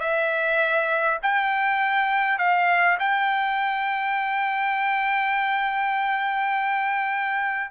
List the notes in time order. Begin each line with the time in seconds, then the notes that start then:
0.00 E5
1.23 G5
2.39 F5
2.99 G5